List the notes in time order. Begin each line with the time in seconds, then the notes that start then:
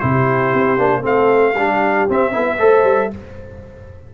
0.00 C3 E4 G4 C5
0.54 C4
0.79 A#3 D4
1.01 A3 C4 A4 F5
1.55 G3 D4 G4
2.09 C4 E5
2.33 B3 E4 A4
2.44 B4
2.59 A3 A4 C5
2.84 G3